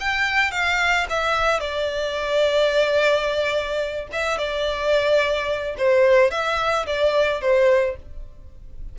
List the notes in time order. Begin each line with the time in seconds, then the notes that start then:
0.00 G5
0.51 F5
1.10 E5
1.60 D5
4.12 E5
4.38 D5
5.78 C5
6.31 E5
6.86 D5
7.41 C5